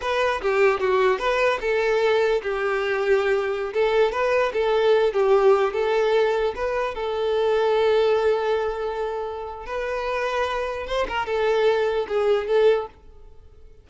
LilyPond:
\new Staff \with { instrumentName = "violin" } { \time 4/4 \tempo 4 = 149 b'4 g'4 fis'4 b'4 | a'2 g'2~ | g'4~ g'16 a'4 b'4 a'8.~ | a'8. g'4. a'4.~ a'16~ |
a'16 b'4 a'2~ a'8.~ | a'1 | b'2. c''8 ais'8 | a'2 gis'4 a'4 | }